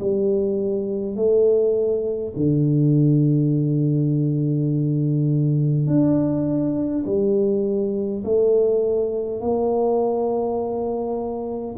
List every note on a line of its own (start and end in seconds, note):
0.00 1.17 G3
1.17 2.34 A3
2.36 5.88 D3
5.88 7.05 D4
7.06 8.24 G3
8.25 9.41 A3
9.41 11.76 A#3